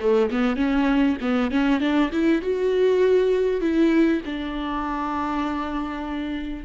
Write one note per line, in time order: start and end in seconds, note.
0.00 0.30 A3
0.31 0.57 B3
0.57 1.17 C#4
1.21 1.51 B3
1.51 1.81 C#4
1.81 2.11 D4
2.13 2.42 E4
2.42 3.61 F#4
3.61 4.22 E4
4.26 6.65 D4